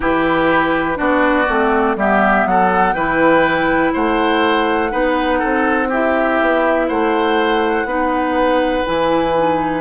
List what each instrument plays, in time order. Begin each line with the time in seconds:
0.00 bassoon E3, clarinet E4, oboe G4, flute B4
0.95 bassoon B3, clarinet D4, oboe F#4, flute D5
1.48 bassoon A3, clarinet C4
1.96 bassoon G3, clarinet B3, oboe G4, flute E5
2.45 bassoon F#3, oboe A4, flute F#5
2.93 bassoon E3, clarinet E4, oboe B4, flute G5
3.93 bassoon A3, oboe C5, flute F#5
4.90 bassoon B3, clarinet D#4, oboe B4
5.39 bassoon C4, oboe A4
5.88 clarinet E4, oboe G4, flute E5
6.40 bassoon B3
6.88 bassoon A3, oboe C5, flute F#5
7.84 bassoon B3, clarinet D#4, oboe B4
8.84 bassoon E3, clarinet E4, flute G#5
9.36 clarinet D#4